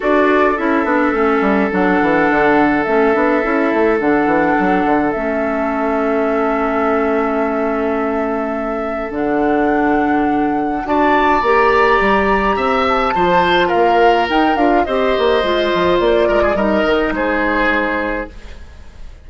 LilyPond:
<<
  \new Staff \with { instrumentName = "flute" } { \time 4/4 \tempo 4 = 105 d''4 e''2 fis''4~ | fis''4 e''2 fis''4~ | fis''4 e''2.~ | e''1 |
fis''2. a''4 | ais''2~ ais''8 a''4. | f''4 g''8 f''8 dis''2 | d''4 dis''4 c''2 | }
  \new Staff \with { instrumentName = "oboe" } { \time 4/4 a'1~ | a'1~ | a'1~ | a'1~ |
a'2. d''4~ | d''2 e''4 c''4 | ais'2 c''2~ | c''8 ais'16 gis'16 ais'4 gis'2 | }
  \new Staff \with { instrumentName = "clarinet" } { \time 4/4 fis'4 e'8 d'8 cis'4 d'4~ | d'4 cis'8 d'8 e'4 d'4~ | d'4 cis'2.~ | cis'1 |
d'2. fis'4 | g'2. f'4~ | f'4 dis'8 f'8 g'4 f'4~ | f'4 dis'2. | }
  \new Staff \with { instrumentName = "bassoon" } { \time 4/4 d'4 cis'8 b8 a8 g8 fis8 e8 | d4 a8 b8 cis'8 a8 d8 e8 | fis8 d8 a2.~ | a1 |
d2. d'4 | ais4 g4 c'4 f4 | ais4 dis'8 d'8 c'8 ais8 gis8 f8 | ais8 gis8 g8 dis8 gis2 | }
>>